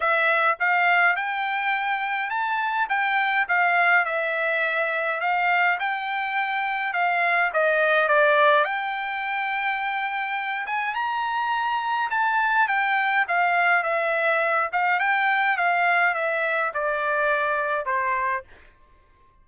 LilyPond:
\new Staff \with { instrumentName = "trumpet" } { \time 4/4 \tempo 4 = 104 e''4 f''4 g''2 | a''4 g''4 f''4 e''4~ | e''4 f''4 g''2 | f''4 dis''4 d''4 g''4~ |
g''2~ g''8 gis''8 ais''4~ | ais''4 a''4 g''4 f''4 | e''4. f''8 g''4 f''4 | e''4 d''2 c''4 | }